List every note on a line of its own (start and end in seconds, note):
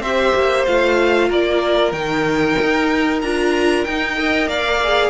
0.00 0.32 C4
0.00 0.66 G4
0.00 1.29 C5
0.00 0.66 E5
0.35 0.67 A#3
0.66 1.30 A3
0.66 1.93 F4
0.66 1.30 F5
1.29 1.92 A#3
1.29 4.16 A#4
1.29 1.92 D5
1.92 2.56 D#3
1.92 3.21 D#4
1.92 3.20 G5
2.62 3.22 D#4
3.22 3.86 D4
3.22 3.88 F4
3.22 3.84 A#5
3.84 4.47 D#4
3.84 4.17 D#4
3.84 4.48 G5
4.17 4.81 A#4
4.17 4.50 D#5
4.47 5.10 A#3
4.47 5.10 D5
4.47 5.10 F5
4.84 5.10 G#4